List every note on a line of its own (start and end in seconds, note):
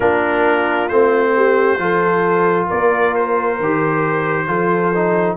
0.00 0.89 A#3
0.00 0.89 D4
0.00 1.31 F4
0.00 0.88 A#4
0.88 1.78 A3
0.88 1.78 C4
0.88 2.67 C5
1.35 1.80 G4
1.78 2.67 F3
1.78 3.57 F4
1.78 2.67 A4
2.67 3.59 A#3
2.67 4.46 A#4
2.67 3.15 D5
3.15 5.36 C5
3.59 4.47 D#3
3.59 4.47 G4
4.47 5.36 F3
4.47 4.92 F4
4.47 5.36 A4
4.95 5.36 D#4